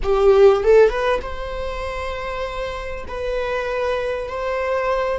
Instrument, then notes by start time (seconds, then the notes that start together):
viola
0.03 G4
0.63 A4
0.88 B4
1.22 C5
3.07 B4
4.27 C5